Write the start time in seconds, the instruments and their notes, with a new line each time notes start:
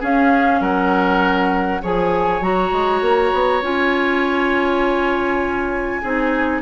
0.00 clarinet C#4, bassoon C#4, oboe G#4, flute F5
0.60 bassoon F#3, oboe A#4, flute F#5
1.82 bassoon F3, clarinet G#4, oboe C#5, flute G#5
2.41 bassoon F#3, clarinet F#4, flute A#5
2.72 bassoon G#3
3.01 bassoon A#3
3.33 bassoon B3
3.62 bassoon C#4, clarinet F4, flute G#5
6.02 bassoon C4, clarinet D#4, oboe G#4